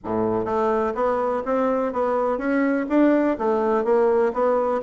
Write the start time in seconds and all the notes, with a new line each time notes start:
0.04 A2
0.45 A3
0.94 B3
1.45 C4
1.92 B3
2.38 C#4
2.89 D4
3.38 A3
3.84 A#3
4.33 B3